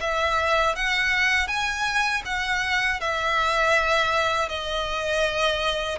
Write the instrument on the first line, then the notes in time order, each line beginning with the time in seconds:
violin
0.00 E5
0.75 F#5
1.47 G#5
2.25 F#5
3.00 E5
4.48 D#5